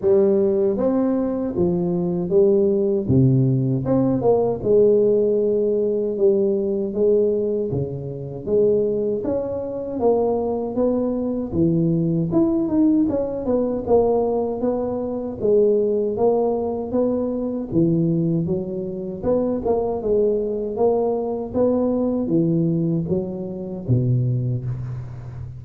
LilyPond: \new Staff \with { instrumentName = "tuba" } { \time 4/4 \tempo 4 = 78 g4 c'4 f4 g4 | c4 c'8 ais8 gis2 | g4 gis4 cis4 gis4 | cis'4 ais4 b4 e4 |
e'8 dis'8 cis'8 b8 ais4 b4 | gis4 ais4 b4 e4 | fis4 b8 ais8 gis4 ais4 | b4 e4 fis4 b,4 | }